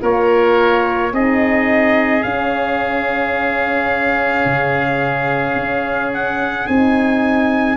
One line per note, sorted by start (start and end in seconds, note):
0.00 1.13 A#3
0.00 1.11 F4
0.00 1.13 A#4
0.00 1.15 C#5
1.12 2.24 C4
1.12 2.23 D#4
1.12 7.77 G#4
1.12 2.23 D#5
2.23 4.45 C#4
2.23 6.69 C#4
2.23 6.12 F5
4.45 5.56 C#3
5.56 6.67 C#4
6.14 6.67 F#5
6.67 7.77 C4
6.67 7.77 D#4
6.67 7.77 G#5